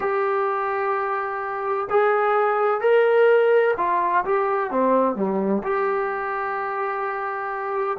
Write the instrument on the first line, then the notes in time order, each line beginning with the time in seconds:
trombone
0.00 G4
1.90 G#4
2.80 A#4
3.77 F4
4.24 G4
4.70 C4
5.15 G3
5.62 G4